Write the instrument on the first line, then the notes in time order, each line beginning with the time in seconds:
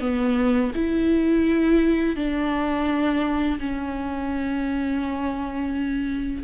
viola
0.00 B3
0.75 E4
2.16 D4
3.59 C#4